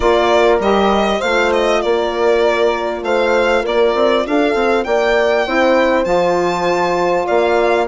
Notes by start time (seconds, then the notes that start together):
0.00 A#3 F4 A#4 D5
0.59 G3 G4 D#5
1.18 A3 F4 C5 F5
1.52 D#5
1.81 A#3 A#4 D5
3.02 A3 C5 F5
3.62 A#3 A#4 D5
3.94 C4
4.26 D4 A4 F5
4.55 C4
4.83 A#3 D5 G5
5.45 C4 E4 C5
6.03 F3 F4 A5
7.26 A#3 D5 F5